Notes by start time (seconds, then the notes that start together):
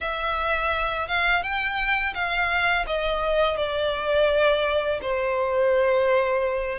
0.01 E5
1.07 F5
1.42 G5
2.14 F5
2.86 D#5
3.57 D5
5.01 C5